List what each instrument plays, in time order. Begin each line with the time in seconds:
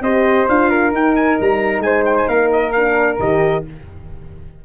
0.00 tuba C4, horn G4, flute C5, trumpet D#5
0.48 tuba D4, horn F4, trumpet F5
0.69 flute A#4
0.92 tuba D#4, horn D#4, trumpet G5
1.15 trumpet G#5
1.41 tuba G3, trumpet A#5
1.79 tuba G#3, flute C5, trumpet G#5
2.05 trumpet G5
2.17 trumpet G#5
2.27 tuba A#3, flute A#4, trumpet F5
2.52 trumpet D#5
2.72 horn D4, trumpet F5
3.19 tuba D#3, horn G4, trumpet D#5